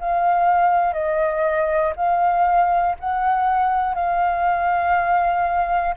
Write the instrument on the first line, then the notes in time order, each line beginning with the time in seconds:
flute
0.00 F5
0.94 D#5
1.97 F5
3.00 F#5
3.95 F5